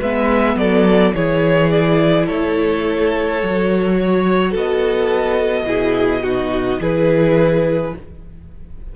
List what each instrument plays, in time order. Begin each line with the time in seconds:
0.00 cello G#3, viola B3, violin B4 E5
0.56 cello F#3, violin A4 D5
1.15 cello E3, viola E4, violin G#4 C#5
1.70 violin D5
2.27 cello A3, violin A4 C#5
3.43 cello F#3, viola F#4
4.01 violin C#5
4.52 cello B3, violin A4 D#5
5.65 cello B2, viola E4, violin G#4
6.23 viola D#4, violin F#4
6.80 cello E3, viola E4, violin G#4 B4